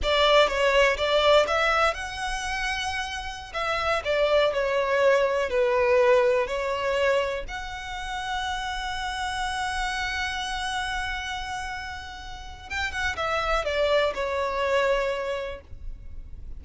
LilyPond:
\new Staff \with { instrumentName = "violin" } { \time 4/4 \tempo 4 = 123 d''4 cis''4 d''4 e''4 | fis''2.~ fis''16 e''8.~ | e''16 d''4 cis''2 b'8.~ | b'4~ b'16 cis''2 fis''8.~ |
fis''1~ | fis''1~ | fis''2 g''8 fis''8 e''4 | d''4 cis''2. | }